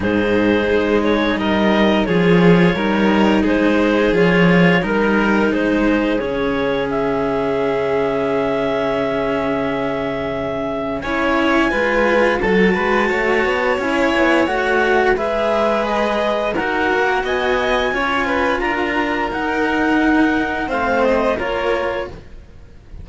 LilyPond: <<
  \new Staff \with { instrumentName = "clarinet" } { \time 4/4 \tempo 4 = 87 c''4. cis''8 dis''4 cis''4~ | cis''4 c''4 cis''4 ais'4 | c''4 cis''4 e''2~ | e''1 |
gis''2 a''2 | gis''4 fis''4 e''4 dis''4 | fis''4 gis''2 ais''4 | fis''2 f''8 dis''8 cis''4 | }
  \new Staff \with { instrumentName = "violin" } { \time 4/4 gis'2 ais'4 gis'4 | ais'4 gis'2 ais'4 | gis'1~ | gis'1 |
cis''4 b'4 a'8 b'8 cis''4~ | cis''2 b'2 | ais'4 dis''4 cis''8 b'8 ais'4~ | ais'2 c''4 ais'4 | }
  \new Staff \with { instrumentName = "cello" } { \time 4/4 dis'2. f'4 | dis'2 f'4 dis'4~ | dis'4 cis'2.~ | cis'1 |
e'4 f'4 fis'2 | e'4 fis'4 gis'2 | fis'2 f'2 | dis'2 c'4 f'4 | }
  \new Staff \with { instrumentName = "cello" } { \time 4/4 gis,4 gis4 g4 f4 | g4 gis4 f4 g4 | gis4 cis2.~ | cis1 |
cis'4 gis4 fis8 gis8 a8 b8 | cis'8 b8 a4 gis2 | dis'8 ais8 b4 cis'4 d'4 | dis'2 a4 ais4 | }
>>